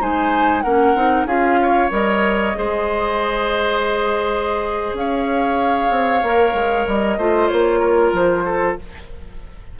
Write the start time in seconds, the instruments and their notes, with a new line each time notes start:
0.00 bassoon G#3, clarinet D#4, oboe C5, flute G#5
0.62 bassoon A#3, clarinet C#4, oboe A#4, flute F#5
0.95 bassoon C4, clarinet D#4
1.25 bassoon C#4, clarinet F4, oboe G#4, flute F5
1.62 oboe C#5
1.90 bassoon G3, clarinet A#4, flute D#5
2.55 bassoon G#3, clarinet G#4, oboe C5
4.93 bassoon C#4, flute F5
4.99 oboe C#5
5.90 bassoon C4
6.23 bassoon A#3, clarinet A#4
6.53 bassoon G#3
6.87 bassoon G3, flute D#5
7.17 bassoon A3, clarinet F4, oboe C5
7.48 bassoon A#3, flute C#5
7.80 oboe A#4
8.13 bassoon F3, flute C5
8.45 oboe A4